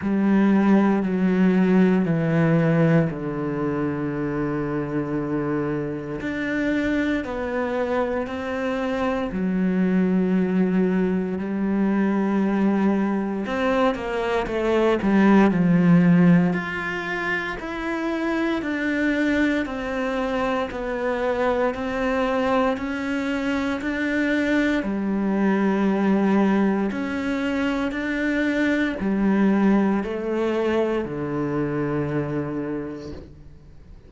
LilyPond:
\new Staff \with { instrumentName = "cello" } { \time 4/4 \tempo 4 = 58 g4 fis4 e4 d4~ | d2 d'4 b4 | c'4 fis2 g4~ | g4 c'8 ais8 a8 g8 f4 |
f'4 e'4 d'4 c'4 | b4 c'4 cis'4 d'4 | g2 cis'4 d'4 | g4 a4 d2 | }